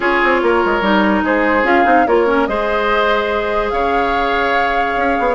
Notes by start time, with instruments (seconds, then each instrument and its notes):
0.00 bassoon C#4, clarinet F4, oboe G#4, flute C#5
0.23 bassoon C4
0.42 bassoon A#3, oboe A#4
0.65 bassoon G#3
0.81 bassoon G3, clarinet D#4
1.22 bassoon G#3, oboe G#4, flute C5
1.63 bassoon C#4, clarinet F4, flute F5
1.84 bassoon C4, clarinet D#4
2.06 bassoon A#3, clarinet F4, oboe A#4, flute C#5
2.26 clarinet C#4
2.46 bassoon G#3, clarinet G#4, oboe C5, flute D#5
3.69 bassoon C#3, oboe C#5, flute F5
4.96 bassoon C#4
5.19 bassoon B3